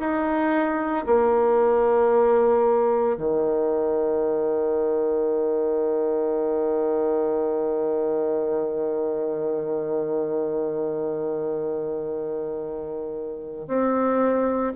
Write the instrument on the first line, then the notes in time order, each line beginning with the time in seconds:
bassoon
0.00 D#4
1.06 A#3
3.17 D#3
13.68 C4